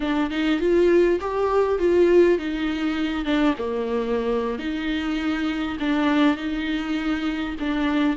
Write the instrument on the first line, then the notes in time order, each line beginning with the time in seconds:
viola
0.00 D4
0.30 D#4
0.60 F4
1.20 G4
1.78 F4
2.38 D#4
3.24 D4
3.58 A#3
4.59 D#4
5.79 D4
6.36 D#4
7.59 D4